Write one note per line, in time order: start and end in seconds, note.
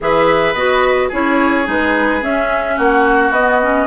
0.00 0.53 E3
0.00 0.56 G#4
0.00 1.08 B4
0.00 0.53 E5
0.53 1.09 B3
0.53 1.11 F#4
0.53 1.09 D#5
1.08 1.67 C#4
1.08 1.64 E4
1.08 2.75 G#4
1.08 1.68 C#5
1.64 2.22 G#3
1.64 2.20 D#4
1.64 2.23 B4
2.22 2.77 C#4
2.22 3.34 C#4
2.22 2.79 E5
2.76 3.30 A#3
2.76 3.87 F#4
2.76 3.32 F#5
3.30 3.86 B3
3.30 3.87 D#5
3.37 3.62 B3
3.62 3.87 C#4